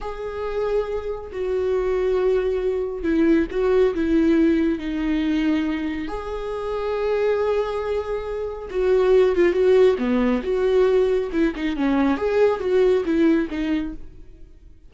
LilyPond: \new Staff \with { instrumentName = "viola" } { \time 4/4 \tempo 4 = 138 gis'2. fis'4~ | fis'2. e'4 | fis'4 e'2 dis'4~ | dis'2 gis'2~ |
gis'1 | fis'4. f'8 fis'4 b4 | fis'2 e'8 dis'8 cis'4 | gis'4 fis'4 e'4 dis'4 | }